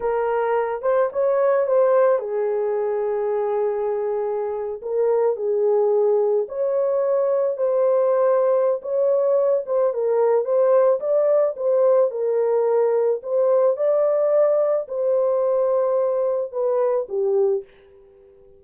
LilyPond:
\new Staff \with { instrumentName = "horn" } { \time 4/4 \tempo 4 = 109 ais'4. c''8 cis''4 c''4 | gis'1~ | gis'8. ais'4 gis'2 cis''16~ | cis''4.~ cis''16 c''2~ c''16 |
cis''4. c''8 ais'4 c''4 | d''4 c''4 ais'2 | c''4 d''2 c''4~ | c''2 b'4 g'4 | }